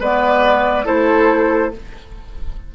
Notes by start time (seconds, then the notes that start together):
0.00 G#3 B3 B4 D5
0.85 A3 E4 A4 C5